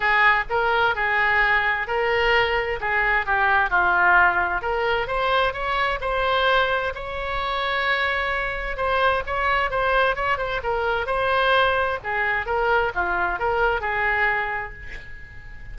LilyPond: \new Staff \with { instrumentName = "oboe" } { \time 4/4 \tempo 4 = 130 gis'4 ais'4 gis'2 | ais'2 gis'4 g'4 | f'2 ais'4 c''4 | cis''4 c''2 cis''4~ |
cis''2. c''4 | cis''4 c''4 cis''8 c''8 ais'4 | c''2 gis'4 ais'4 | f'4 ais'4 gis'2 | }